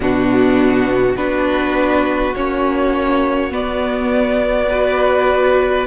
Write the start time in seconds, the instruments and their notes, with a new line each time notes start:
0.00 cello B2, viola B3, violin D4 F#4
1.15 cello B3, viola D4, violin F#4 B4
2.35 cello A#3, viola C#4, violin C#5
3.50 viola B3, cello B3, violin D5
4.69 viola F#4, violin B4